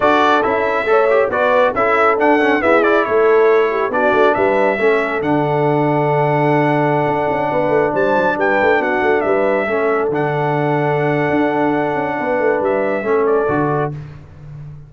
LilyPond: <<
  \new Staff \with { instrumentName = "trumpet" } { \time 4/4 \tempo 4 = 138 d''4 e''2 d''4 | e''4 fis''4 e''8 d''8 cis''4~ | cis''4 d''4 e''2 | fis''1~ |
fis''2~ fis''16 a''4 g''8.~ | g''16 fis''4 e''2 fis''8.~ | fis''1~ | fis''4 e''4. d''4. | }
  \new Staff \with { instrumentName = "horn" } { \time 4/4 a'2 cis''4 b'4 | a'2 gis'4 a'4~ | a'8 g'8 fis'4 b'4 a'4~ | a'1~ |
a'4~ a'16 b'4 c''4 b'8.~ | b'16 fis'4 b'4 a'4.~ a'16~ | a'1 | b'2 a'2 | }
  \new Staff \with { instrumentName = "trombone" } { \time 4/4 fis'4 e'4 a'8 g'8 fis'4 | e'4 d'8 cis'8 b8 e'4.~ | e'4 d'2 cis'4 | d'1~ |
d'1~ | d'2~ d'16 cis'4 d'8.~ | d'1~ | d'2 cis'4 fis'4 | }
  \new Staff \with { instrumentName = "tuba" } { \time 4/4 d'4 cis'4 a4 b4 | cis'4 d'4 e'4 a4~ | a4 b8 a8 g4 a4 | d1~ |
d16 d'8 cis'8 b8 a8 g8 fis8 g8 a16~ | a16 b8 a8 g4 a4 d8.~ | d2 d'4. cis'8 | b8 a8 g4 a4 d4 | }
>>